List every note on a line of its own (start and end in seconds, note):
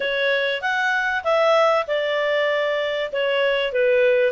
0.00 0.61 C#5
0.61 1.23 F#5
1.23 1.85 E5
1.87 3.11 D5
3.12 3.72 C#5
3.72 4.32 B4